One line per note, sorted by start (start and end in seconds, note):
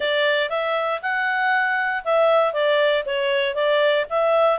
0.00 0.49 D5
0.49 1.00 E5
1.02 2.03 F#5
2.04 2.53 E5
2.53 3.04 D5
3.05 3.55 C#5
3.55 4.05 D5
4.09 4.59 E5